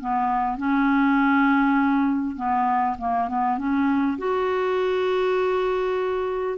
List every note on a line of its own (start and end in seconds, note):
0.00 0.57 B3
0.57 2.36 C#4
2.36 2.96 B3
2.98 3.28 A#3
3.28 3.58 B3
3.58 4.18 C#4
4.18 6.58 F#4